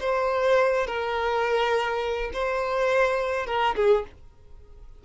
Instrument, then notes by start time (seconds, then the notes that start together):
violin
0.00 C5
0.87 A#4
2.33 C5
3.46 A#4
3.76 G#4